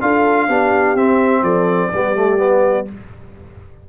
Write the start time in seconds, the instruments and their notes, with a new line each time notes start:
0.00 tuba D4, trombone F4, horn A4, trumpet F5
0.47 tuba B3, trombone D4, horn G4
0.95 tuba C4, trombone C4, trumpet E5
1.42 tuba F3, horn A4, trumpet D5
1.91 tuba G3, trombone B3, horn G4
2.15 trombone A3
2.37 trombone B3